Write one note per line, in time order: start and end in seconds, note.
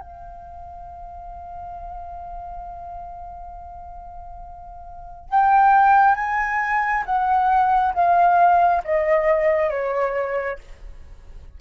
0.00 5.29 F5
5.29 6.15 G5
6.15 7.03 G#5
7.05 7.94 F#5
7.94 8.82 F5
8.84 9.70 D#5
9.70 10.58 C#5